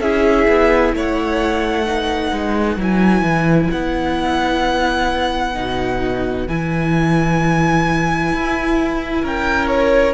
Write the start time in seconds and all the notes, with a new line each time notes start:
0.00 C#4 E4 G#4 E5
0.47 B3
0.93 A3 C#5 F#5
1.85 D#4 B4
2.31 G#3
2.76 F#3 E4 G#5
3.22 E3
3.70 B3 F#5
5.53 B2 D#4
6.47 E3 E4 G#5
8.32 E4
9.22 C#4 A#4 G5
9.67 C#5